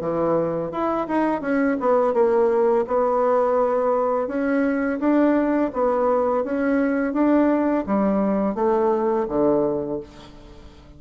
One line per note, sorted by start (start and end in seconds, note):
0.00 0.71 E3
0.71 1.07 E4
1.07 1.41 D#4
1.41 1.77 C#4
1.80 2.13 B3
2.13 2.85 A#3
2.87 4.27 B3
4.27 4.99 C#4
4.99 5.71 D4
5.73 6.44 B3
6.44 7.13 C#4
7.13 7.84 D4
7.86 8.55 G3
8.55 9.26 A3
9.28 9.99 D3